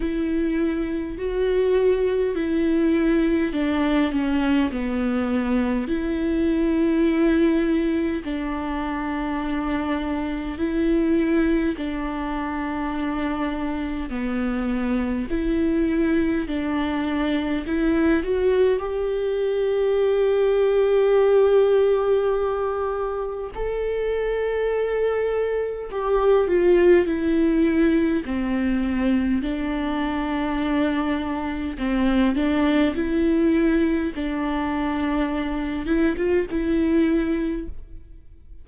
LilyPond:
\new Staff \with { instrumentName = "viola" } { \time 4/4 \tempo 4 = 51 e'4 fis'4 e'4 d'8 cis'8 | b4 e'2 d'4~ | d'4 e'4 d'2 | b4 e'4 d'4 e'8 fis'8 |
g'1 | a'2 g'8 f'8 e'4 | c'4 d'2 c'8 d'8 | e'4 d'4. e'16 f'16 e'4 | }